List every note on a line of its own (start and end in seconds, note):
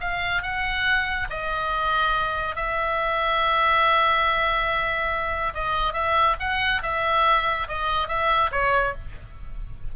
0.00 0.42 F5
0.42 1.27 F#5
1.30 2.55 D#5
2.55 5.53 E5
5.54 5.93 D#5
5.93 6.36 E5
6.39 6.82 F#5
6.82 7.67 E5
7.68 8.08 D#5
8.08 8.50 E5
8.51 8.94 C#5